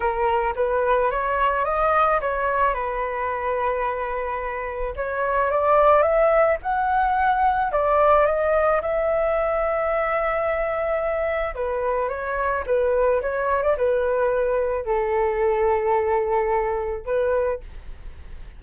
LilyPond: \new Staff \with { instrumentName = "flute" } { \time 4/4 \tempo 4 = 109 ais'4 b'4 cis''4 dis''4 | cis''4 b'2.~ | b'4 cis''4 d''4 e''4 | fis''2 d''4 dis''4 |
e''1~ | e''4 b'4 cis''4 b'4 | cis''8. d''16 b'2 a'4~ | a'2. b'4 | }